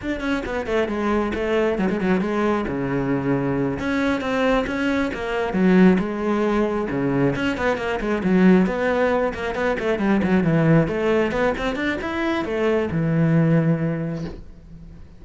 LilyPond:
\new Staff \with { instrumentName = "cello" } { \time 4/4 \tempo 4 = 135 d'8 cis'8 b8 a8 gis4 a4 | fis16 gis16 fis8 gis4 cis2~ | cis8 cis'4 c'4 cis'4 ais8~ | ais8 fis4 gis2 cis8~ |
cis8 cis'8 b8 ais8 gis8 fis4 b8~ | b4 ais8 b8 a8 g8 fis8 e8~ | e8 a4 b8 c'8 d'8 e'4 | a4 e2. | }